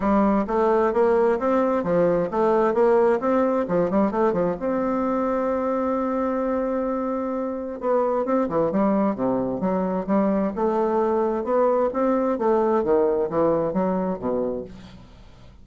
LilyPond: \new Staff \with { instrumentName = "bassoon" } { \time 4/4 \tempo 4 = 131 g4 a4 ais4 c'4 | f4 a4 ais4 c'4 | f8 g8 a8 f8 c'2~ | c'1~ |
c'4 b4 c'8 e8 g4 | c4 fis4 g4 a4~ | a4 b4 c'4 a4 | dis4 e4 fis4 b,4 | }